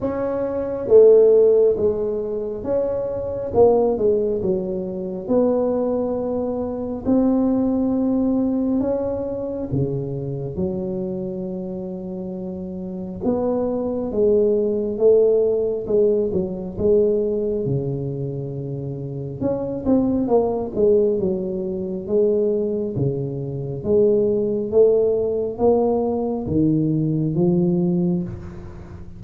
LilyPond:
\new Staff \with { instrumentName = "tuba" } { \time 4/4 \tempo 4 = 68 cis'4 a4 gis4 cis'4 | ais8 gis8 fis4 b2 | c'2 cis'4 cis4 | fis2. b4 |
gis4 a4 gis8 fis8 gis4 | cis2 cis'8 c'8 ais8 gis8 | fis4 gis4 cis4 gis4 | a4 ais4 dis4 f4 | }